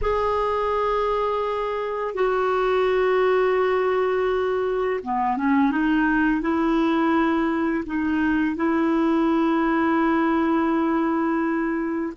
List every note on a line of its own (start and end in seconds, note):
0.01 2.14 G#4
2.14 5.00 F#4
5.03 5.36 B3
5.36 5.71 C#4
5.71 6.41 D#4
6.41 7.84 E4
7.86 8.56 D#4
8.56 12.13 E4